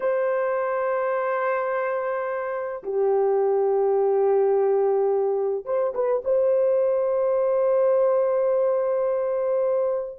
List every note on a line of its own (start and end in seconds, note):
0.00 2.83 C5
2.83 5.64 G4
5.64 5.93 C5
5.94 6.22 B4
6.24 10.19 C5